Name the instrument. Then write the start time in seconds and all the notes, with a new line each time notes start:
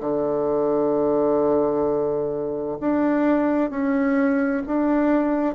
bassoon
0.00 D3
2.80 D4
3.70 C#4
4.66 D4